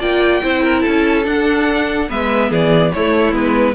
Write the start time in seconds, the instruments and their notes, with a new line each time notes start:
0.00 cello A#3, viola F4, violin D5 G5
0.43 cello C4, viola E4, violin C5
0.63 violin A#4
0.81 cello C#4, violin A4 A5
1.24 viola D4, cello D4, violin F#5
2.09 cello G#3, viola B3, violin B4 E5
2.50 cello E3, violin G#4 D5
2.92 cello A3, viola A3, violin E4 C#5
3.32 cello G#3, viola B3, violin B4